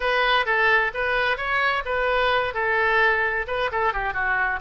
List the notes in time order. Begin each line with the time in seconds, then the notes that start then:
0.00 B4
0.45 A4
0.93 B4
1.37 C#5
1.85 B4
2.54 A4
3.47 B4
3.71 A4
3.93 G4
4.13 F#4